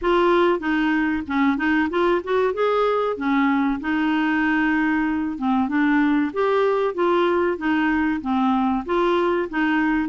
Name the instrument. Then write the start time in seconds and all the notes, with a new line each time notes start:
clarinet
0.01 F4
0.59 D#4
1.27 C#4
1.57 D#4
1.89 F4
2.23 F#4
2.53 G#4
3.16 C#4
3.80 D#4
5.37 C4
5.68 D4
6.33 G4
6.94 F4
7.57 D#4
8.21 C4
8.85 F4
9.49 D#4